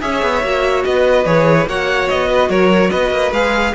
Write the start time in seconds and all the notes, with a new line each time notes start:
0.00 C#4 G#4 C#5 E5
0.22 B3
0.43 A#3 F#4
0.84 B3 B4 D#5
1.25 E3 G#4 C#5
1.66 A#3 F#4 C#5 F#5
2.08 B3 D#5
2.28 B4
2.49 F#3 A#4 C#5
2.90 B3 B4 D#5
3.11 A#3
3.31 G#3 G#4 F5